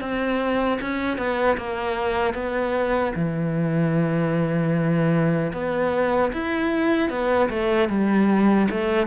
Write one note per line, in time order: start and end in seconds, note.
0.00 0.79 C4
0.81 1.17 C#4
1.17 1.57 B3
1.57 2.34 A#3
2.34 3.13 B3
3.15 5.52 E3
5.53 6.32 B3
6.33 7.10 E4
7.10 7.49 B3
7.49 7.89 A3
7.89 8.68 G3
8.71 9.07 A3